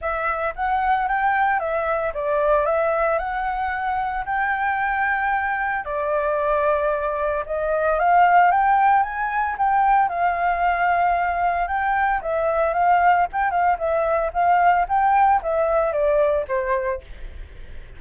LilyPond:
\new Staff \with { instrumentName = "flute" } { \time 4/4 \tempo 4 = 113 e''4 fis''4 g''4 e''4 | d''4 e''4 fis''2 | g''2. d''4~ | d''2 dis''4 f''4 |
g''4 gis''4 g''4 f''4~ | f''2 g''4 e''4 | f''4 g''8 f''8 e''4 f''4 | g''4 e''4 d''4 c''4 | }